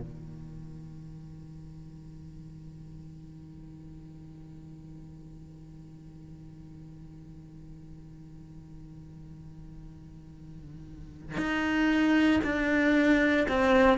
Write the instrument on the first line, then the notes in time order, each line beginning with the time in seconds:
cello
0.00 D#3
11.37 D#4
12.43 D4
13.48 C4